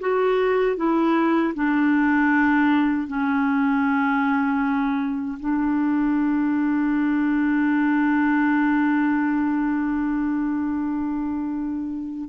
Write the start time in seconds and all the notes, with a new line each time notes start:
0.00 F#4
0.76 E4
1.54 D4
3.07 C#4
5.39 D4